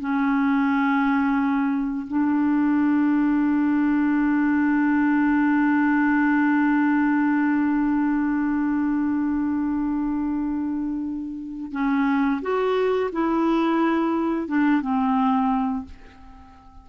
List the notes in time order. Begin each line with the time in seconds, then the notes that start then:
0.00 C#4
2.07 D4
11.72 C#4
12.42 F#4
13.12 E4
14.48 D4
14.81 C4